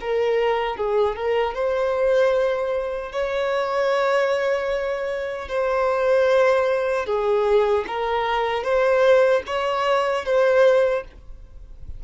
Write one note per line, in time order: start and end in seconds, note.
0.00 0.76 A#4
0.76 1.16 G#4
1.16 1.54 A#4
1.54 3.12 C5
3.12 5.48 C#5
5.48 7.06 C5
7.06 7.84 G#4
7.87 8.63 A#4
8.63 9.42 C5
9.46 10.25 C#5
10.25 11.04 C5